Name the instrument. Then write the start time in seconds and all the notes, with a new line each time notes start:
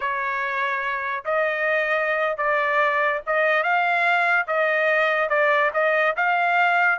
trumpet
0.00 C#5
1.25 D#5
2.37 D5
3.26 D#5
3.63 F5
4.47 D#5
5.29 D5
5.73 D#5
6.16 F5